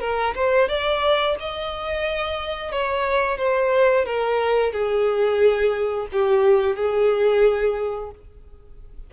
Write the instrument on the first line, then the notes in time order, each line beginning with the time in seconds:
violin
0.00 A#4
0.35 C5
0.68 D5
1.39 D#5
2.72 C#5
3.38 C5
4.05 A#4
4.73 G#4
6.12 G4
6.76 G#4